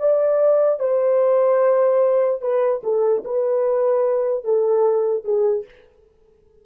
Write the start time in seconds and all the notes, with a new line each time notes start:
0.00 D5
0.80 C5
2.42 B4
2.84 A4
3.25 B4
4.45 A4
5.25 G#4